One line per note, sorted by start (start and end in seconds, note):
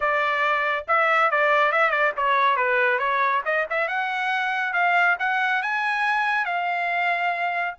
0.00 0.85 D5
0.87 1.30 E5
1.30 1.71 D5
1.71 1.90 E5
1.90 2.12 D5
2.17 2.56 C#5
2.56 2.98 B4
2.98 3.42 C#5
3.45 3.66 D#5
3.70 3.88 E5
3.88 4.73 F#5
4.73 5.16 F5
5.19 5.62 F#5
5.62 6.45 G#5
6.45 7.74 F5